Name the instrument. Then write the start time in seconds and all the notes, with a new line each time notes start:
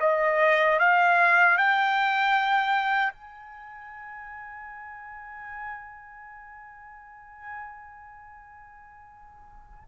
trumpet
0.00 D#5
0.79 F5
1.58 G5
3.13 G#5